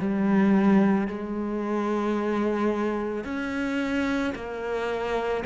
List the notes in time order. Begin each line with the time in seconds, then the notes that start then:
0.00 G3
1.08 G#3
3.25 C#4
4.35 A#3